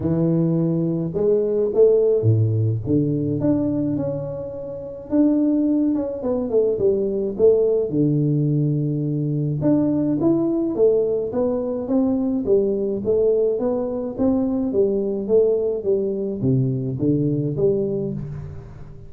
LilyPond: \new Staff \with { instrumentName = "tuba" } { \time 4/4 \tempo 4 = 106 e2 gis4 a4 | a,4 d4 d'4 cis'4~ | cis'4 d'4. cis'8 b8 a8 | g4 a4 d2~ |
d4 d'4 e'4 a4 | b4 c'4 g4 a4 | b4 c'4 g4 a4 | g4 c4 d4 g4 | }